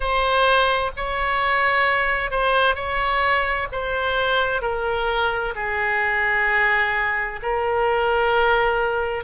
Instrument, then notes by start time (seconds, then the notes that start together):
oboe
0.00 C5
0.96 C#5
2.30 C5
2.75 C#5
3.72 C5
4.61 A#4
5.55 G#4
7.42 A#4